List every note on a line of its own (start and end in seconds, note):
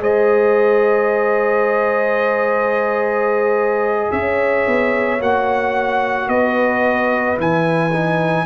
0.00 4.09 G#3
0.00 5.19 G#4
0.00 4.11 C5
0.00 4.11 D#5
4.11 4.66 C#4
4.11 6.30 C#5
4.11 5.20 E5
4.67 5.20 B3
5.20 6.27 A#3
5.20 7.37 F#4
5.20 6.28 F#5
6.27 7.36 B3
6.27 8.46 B4
6.27 7.37 D#5
7.37 8.46 E3
7.37 7.91 E4
7.37 8.46 G#5
7.93 8.46 D#4